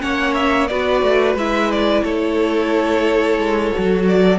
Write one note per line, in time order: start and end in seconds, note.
0.00 0.71 A#3
0.00 0.67 C#4
0.00 0.70 C#5
0.00 0.34 F#5
0.34 0.67 E5
0.67 1.03 B3
0.67 1.38 F#4
0.67 2.04 B4
0.67 1.35 D5
1.03 1.35 A3
1.35 2.03 G#3
1.35 3.74 E4
1.35 1.71 E5
1.71 2.04 D5
2.04 3.38 A3
2.04 4.39 A4
2.04 4.06 C#5
3.38 3.72 G#3
3.74 4.39 F#3
3.74 4.39 F#4
4.08 4.39 D5